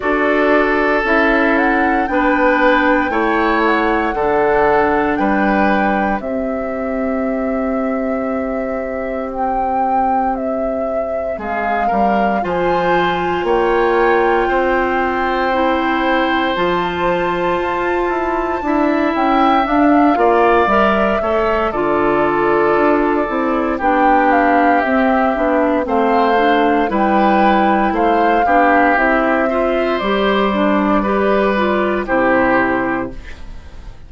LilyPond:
<<
  \new Staff \with { instrumentName = "flute" } { \time 4/4 \tempo 4 = 58 d''4 e''8 fis''8 g''4. fis''8~ | fis''4 g''4 e''2~ | e''4 g''4 e''4 f''4 | gis''4 g''2. |
a''2~ a''8 g''8 f''4 | e''4 d''2 g''8 f''8 | e''4 f''4 g''4 f''4 | e''4 d''2 c''4 | }
  \new Staff \with { instrumentName = "oboe" } { \time 4/4 a'2 b'4 cis''4 | a'4 b'4 g'2~ | g'2. gis'8 ais'8 | c''4 cis''4 c''2~ |
c''2 e''4. d''8~ | d''8 cis''8 a'2 g'4~ | g'4 c''4 b'4 c''8 g'8~ | g'8 c''4. b'4 g'4 | }
  \new Staff \with { instrumentName = "clarinet" } { \time 4/4 fis'4 e'4 d'4 e'4 | d'2 c'2~ | c'1 | f'2. e'4 |
f'2 e'4 d'8 f'8 | ais'8 a'8 f'4. e'8 d'4 | c'8 d'8 c'8 d'8 e'4. d'8 | e'8 f'8 g'8 d'8 g'8 f'8 e'4 | }
  \new Staff \with { instrumentName = "bassoon" } { \time 4/4 d'4 cis'4 b4 a4 | d4 g4 c'2~ | c'2. gis8 g8 | f4 ais4 c'2 |
f4 f'8 e'8 d'8 cis'8 d'8 ais8 | g8 a8 d4 d'8 c'8 b4 | c'8 b8 a4 g4 a8 b8 | c'4 g2 c4 | }
>>